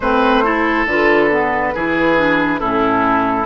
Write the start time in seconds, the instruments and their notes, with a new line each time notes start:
0.00 bassoon A3, clarinet C4, oboe B4, flute C5
0.43 clarinet E4, oboe A4
0.85 bassoon D3, clarinet F4, flute B4
1.31 clarinet B3
1.74 bassoon E3, clarinet E4, oboe G#4
2.16 clarinet D4
2.59 bassoon A2, clarinet C#4, oboe E4, flute A4